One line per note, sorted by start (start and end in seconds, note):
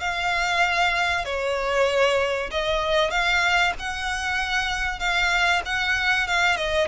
0.00 1.25 F5
1.25 2.50 C#5
2.51 3.10 D#5
3.10 3.72 F5
3.79 4.99 F#5
4.99 5.62 F5
5.65 6.27 F#5
6.27 6.56 F5
6.56 6.88 D#5